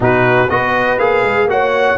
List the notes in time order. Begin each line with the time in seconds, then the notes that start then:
0.00 B2 D#4 F#4 B4
0.49 B3 F#4 B4 D#5
0.98 A#3 G#4 F5
1.23 G#3
1.45 A#3 F#4 C#5 F#5